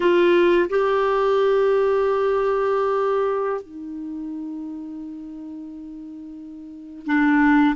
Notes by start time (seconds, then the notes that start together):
0.00 F4
0.69 G4
3.61 D#4
7.06 D4